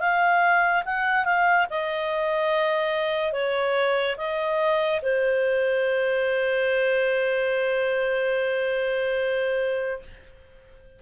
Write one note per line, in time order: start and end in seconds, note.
0.00 0.83 F5
0.85 1.25 F#5
1.25 1.66 F5
1.70 3.33 D#5
3.33 4.16 C#5
4.17 5.01 D#5
5.02 10.02 C5